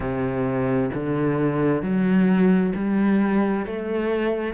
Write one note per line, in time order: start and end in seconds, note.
0.00 0.90 C3
0.94 1.82 D3
1.82 2.73 F#3
2.75 3.66 G3
3.66 4.53 A3